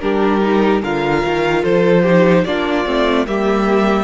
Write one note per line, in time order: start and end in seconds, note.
0.00 0.82 G3
0.00 0.40 D4
0.00 0.82 G4
0.00 0.81 A#4
0.40 0.81 D#4
0.82 1.23 D3
0.82 2.05 F4
0.82 1.62 A#4
0.82 1.64 F5
1.25 1.63 D#3
1.62 2.44 F3
1.62 2.02 A4
1.62 2.44 C5
2.03 2.46 D#4
2.03 2.43 G4
2.44 2.85 A#3
2.44 2.84 D4
2.44 3.27 F4
2.44 3.25 D5
2.84 3.26 A3
2.84 3.25 C4
3.26 4.04 G3
3.26 4.04 A#3
3.26 4.04 G4
3.26 4.04 E5